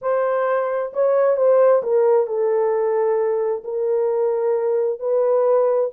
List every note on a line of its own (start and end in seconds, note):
0.01 0.92 C5
0.93 1.37 C#5
1.37 1.82 C5
1.82 2.26 A#4
2.26 3.63 A4
3.64 4.99 A#4
4.99 5.90 B4